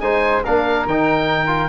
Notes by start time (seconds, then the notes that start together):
0.00 G#3 D#4 C5 G#5
0.43 A#3 D4 A#4 F5
0.85 D#3 D#4 G5
1.46 F4